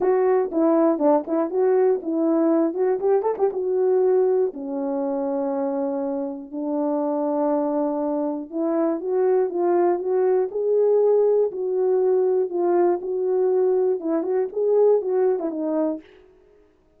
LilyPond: \new Staff \with { instrumentName = "horn" } { \time 4/4 \tempo 4 = 120 fis'4 e'4 d'8 e'8 fis'4 | e'4. fis'8 g'8 a'16 g'16 fis'4~ | fis'4 cis'2.~ | cis'4 d'2.~ |
d'4 e'4 fis'4 f'4 | fis'4 gis'2 fis'4~ | fis'4 f'4 fis'2 | e'8 fis'8 gis'4 fis'8. e'16 dis'4 | }